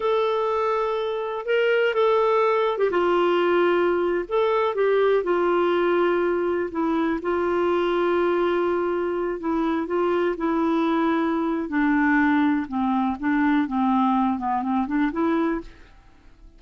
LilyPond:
\new Staff \with { instrumentName = "clarinet" } { \time 4/4 \tempo 4 = 123 a'2. ais'4 | a'4.~ a'16 g'16 f'2~ | f'8. a'4 g'4 f'4~ f'16~ | f'4.~ f'16 e'4 f'4~ f'16~ |
f'2.~ f'16 e'8.~ | e'16 f'4 e'2~ e'8. | d'2 c'4 d'4 | c'4. b8 c'8 d'8 e'4 | }